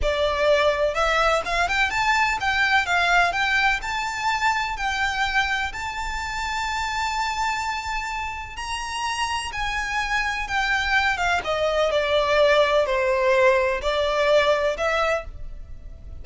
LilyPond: \new Staff \with { instrumentName = "violin" } { \time 4/4 \tempo 4 = 126 d''2 e''4 f''8 g''8 | a''4 g''4 f''4 g''4 | a''2 g''2 | a''1~ |
a''2 ais''2 | gis''2 g''4. f''8 | dis''4 d''2 c''4~ | c''4 d''2 e''4 | }